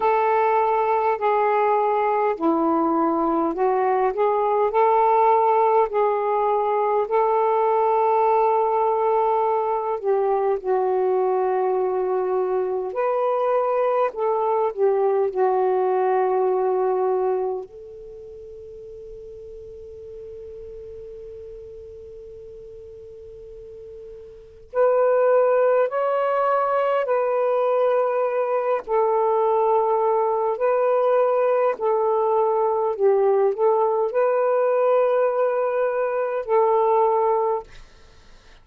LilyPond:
\new Staff \with { instrumentName = "saxophone" } { \time 4/4 \tempo 4 = 51 a'4 gis'4 e'4 fis'8 gis'8 | a'4 gis'4 a'2~ | a'8 g'8 fis'2 b'4 | a'8 g'8 fis'2 a'4~ |
a'1~ | a'4 b'4 cis''4 b'4~ | b'8 a'4. b'4 a'4 | g'8 a'8 b'2 a'4 | }